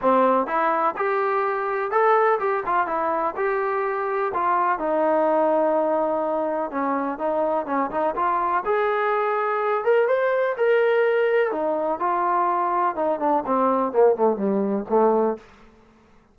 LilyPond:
\new Staff \with { instrumentName = "trombone" } { \time 4/4 \tempo 4 = 125 c'4 e'4 g'2 | a'4 g'8 f'8 e'4 g'4~ | g'4 f'4 dis'2~ | dis'2 cis'4 dis'4 |
cis'8 dis'8 f'4 gis'2~ | gis'8 ais'8 c''4 ais'2 | dis'4 f'2 dis'8 d'8 | c'4 ais8 a8 g4 a4 | }